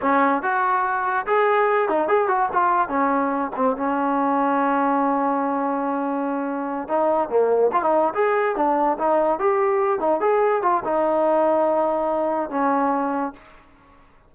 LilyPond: \new Staff \with { instrumentName = "trombone" } { \time 4/4 \tempo 4 = 144 cis'4 fis'2 gis'4~ | gis'8 dis'8 gis'8 fis'8 f'4 cis'4~ | cis'8 c'8 cis'2.~ | cis'1~ |
cis'8 dis'4 ais4 f'16 dis'8. gis'8~ | gis'8 d'4 dis'4 g'4. | dis'8 gis'4 f'8 dis'2~ | dis'2 cis'2 | }